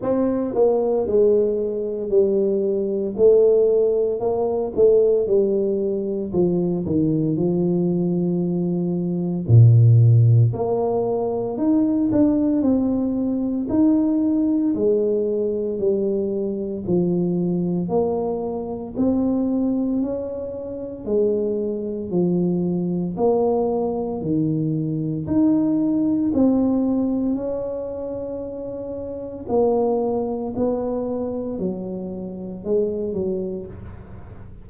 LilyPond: \new Staff \with { instrumentName = "tuba" } { \time 4/4 \tempo 4 = 57 c'8 ais8 gis4 g4 a4 | ais8 a8 g4 f8 dis8 f4~ | f4 ais,4 ais4 dis'8 d'8 | c'4 dis'4 gis4 g4 |
f4 ais4 c'4 cis'4 | gis4 f4 ais4 dis4 | dis'4 c'4 cis'2 | ais4 b4 fis4 gis8 fis8 | }